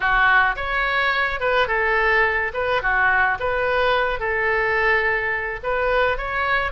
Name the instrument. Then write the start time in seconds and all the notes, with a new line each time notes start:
oboe
0.00 F#4
0.56 C#5
1.40 B4
1.67 A4
2.53 B4
2.82 F#4
3.39 B4
4.19 A4
5.63 B4
6.17 C#5